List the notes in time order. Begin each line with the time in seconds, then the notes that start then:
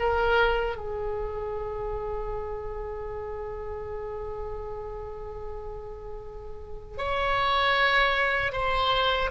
0.00 A#4
0.77 G#4
6.98 C#5
8.53 C5